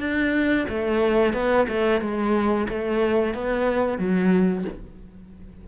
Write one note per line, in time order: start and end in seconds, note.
0.00 0.67 D4
0.69 1.34 A3
1.34 1.67 B3
1.69 2.02 A3
2.02 2.68 G#3
2.69 3.35 A3
3.35 3.99 B3
3.99 4.65 F#3